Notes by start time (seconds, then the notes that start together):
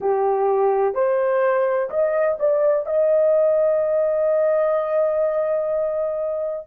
0.00 G4
0.94 C5
1.90 D#5
2.39 D5
2.86 D#5